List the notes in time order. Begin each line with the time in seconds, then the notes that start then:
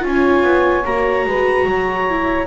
0.00 C#4 F4 C#5 G#5
0.44 B3
0.85 A#3 F#4 A#5
1.25 G#3 B4
1.65 F#3 C#5
2.09 E4